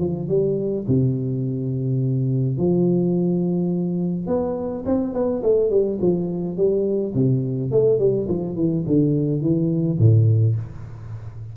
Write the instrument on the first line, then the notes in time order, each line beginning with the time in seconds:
tuba
0.00 F3
0.29 G3
0.88 C3
2.58 F3
4.27 B3
4.86 C4
5.14 B3
5.43 A3
5.70 G3
6.01 F3
6.57 G3
7.14 C3
7.71 A3
7.99 G3
8.29 F3
8.56 E3
8.87 D3
9.41 E3
9.99 A2